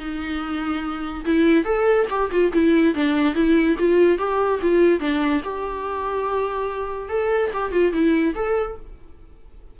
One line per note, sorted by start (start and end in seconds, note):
0.00 1.25 D#4
1.26 1.65 E4
1.65 2.07 A4
2.10 2.31 G4
2.31 2.52 F4
2.53 2.95 E4
2.95 3.35 D4
3.35 3.77 E4
3.79 4.19 F4
4.19 4.61 G4
4.62 5.00 F4
5.00 5.42 D4
5.44 7.09 G4
7.09 7.51 A4
7.54 7.72 G4
7.72 7.93 F4
7.93 8.35 E4
8.35 8.77 A4